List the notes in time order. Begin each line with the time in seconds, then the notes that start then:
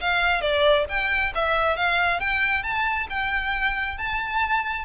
0.00 F5
0.41 D5
0.88 G5
1.34 E5
1.76 F5
2.20 G5
2.63 A5
3.09 G5
3.97 A5